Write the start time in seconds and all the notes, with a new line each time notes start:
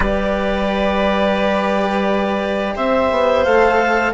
0.00 G3 G4 B4 D5
2.75 C4 C5 E5
3.10 B3
3.44 A3 A4 F5